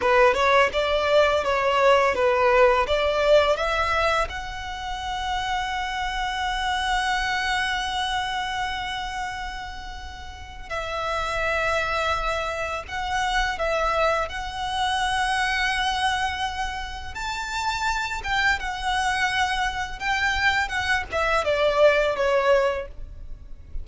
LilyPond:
\new Staff \with { instrumentName = "violin" } { \time 4/4 \tempo 4 = 84 b'8 cis''8 d''4 cis''4 b'4 | d''4 e''4 fis''2~ | fis''1~ | fis''2. e''4~ |
e''2 fis''4 e''4 | fis''1 | a''4. g''8 fis''2 | g''4 fis''8 e''8 d''4 cis''4 | }